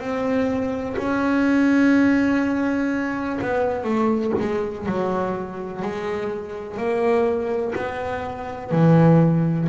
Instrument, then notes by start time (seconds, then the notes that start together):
double bass
0.00 C4
0.98 C#4
3.42 B3
3.84 A3
4.39 G#3
4.87 F#3
5.82 G#3
6.77 A#3
7.76 B3
8.72 E3